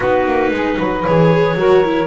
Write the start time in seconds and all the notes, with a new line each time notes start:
0.00 B3 D#4 F#4 B4
0.25 A#3
0.50 G#3 G#4
0.77 F#3 B4
1.04 E3 G#4 C#5
1.54 F#3 F#4 A#4
1.84 E4